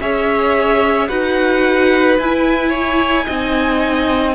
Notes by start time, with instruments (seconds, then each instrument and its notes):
0.00 cello C#4, viola G#4, violin C#5 E5
1.08 cello D#4, viola F#4, violin B4 F#5
2.18 cello E4, viola E4, violin G#5
2.69 violin C#5
3.26 cello C4, viola D#4, violin D#5